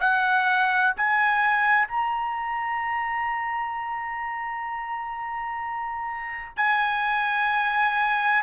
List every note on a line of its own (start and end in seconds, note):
0.00 0.94 F#5
0.97 1.88 G#5
1.88 6.57 A#5
6.57 8.43 G#5